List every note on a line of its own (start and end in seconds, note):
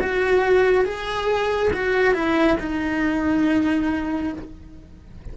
0.00 0.85 F#4
0.85 1.72 G#4
1.73 2.13 F#4
2.13 2.57 E4
2.59 4.33 D#4